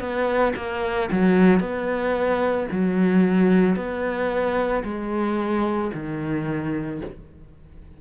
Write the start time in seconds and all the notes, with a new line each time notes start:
0.00 B3
0.56 A#3
1.12 F#3
1.61 B3
2.71 F#3
3.76 B3
4.85 G#3
5.94 D#3